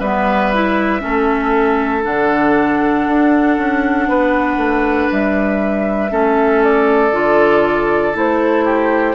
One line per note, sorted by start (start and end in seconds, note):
0.00 1.02 G3
0.00 0.54 B3
0.00 1.02 B4
0.00 2.03 E5
0.54 1.01 E4
1.01 2.06 A3
1.01 2.02 C#4
1.01 4.09 A4
2.03 3.07 D3
2.03 6.10 D4
2.03 5.10 F#5
3.07 3.58 D4
3.58 4.09 C#4
4.09 4.57 B3
4.09 6.12 B4
4.57 5.08 A3
5.12 6.12 G3
5.12 6.64 E5
6.10 7.13 A3
6.10 7.12 C#4
6.10 8.65 A4
6.64 8.17 D5
7.12 8.14 D3
7.12 8.14 F4
8.14 9.15 A3
8.14 9.15 E4
8.14 9.15 C5
8.65 9.15 G4